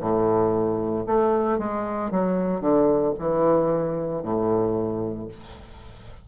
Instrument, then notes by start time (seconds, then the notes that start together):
bassoon
0.00 A2
1.06 A3
1.58 G#3
2.11 F#3
2.61 D3
3.19 E3
4.23 A2